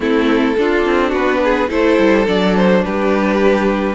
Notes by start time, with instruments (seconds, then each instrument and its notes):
0.00 cello A3, viola C4, violin E4 A4
0.57 cello D4, viola D4, violin F4
0.86 cello C4
1.09 cello B3, violin F#4 B4
1.43 violin G#4
1.69 cello A3, viola E4, violin A4 C5
1.98 cello G3
2.25 cello F#3, viola D4, violin D5
2.56 violin C5
2.84 cello G3, violin G4 B4